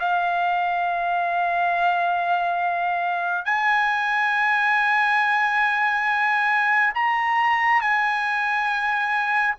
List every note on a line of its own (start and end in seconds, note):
0.00 3.45 F5
3.45 6.93 G#5
6.95 7.81 A#5
7.81 9.55 G#5